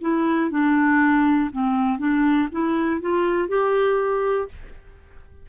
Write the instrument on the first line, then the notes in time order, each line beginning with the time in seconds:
clarinet
0.00 E4
0.50 D4
1.51 C4
1.98 D4
2.51 E4
3.00 F4
3.48 G4